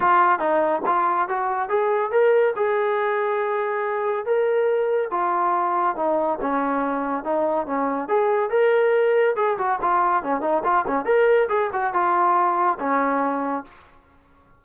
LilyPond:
\new Staff \with { instrumentName = "trombone" } { \time 4/4 \tempo 4 = 141 f'4 dis'4 f'4 fis'4 | gis'4 ais'4 gis'2~ | gis'2 ais'2 | f'2 dis'4 cis'4~ |
cis'4 dis'4 cis'4 gis'4 | ais'2 gis'8 fis'8 f'4 | cis'8 dis'8 f'8 cis'8 ais'4 gis'8 fis'8 | f'2 cis'2 | }